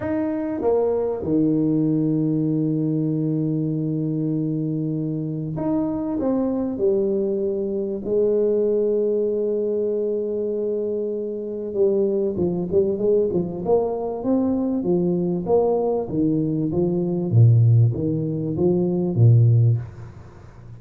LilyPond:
\new Staff \with { instrumentName = "tuba" } { \time 4/4 \tempo 4 = 97 dis'4 ais4 dis2~ | dis1~ | dis4 dis'4 c'4 g4~ | g4 gis2.~ |
gis2. g4 | f8 g8 gis8 f8 ais4 c'4 | f4 ais4 dis4 f4 | ais,4 dis4 f4 ais,4 | }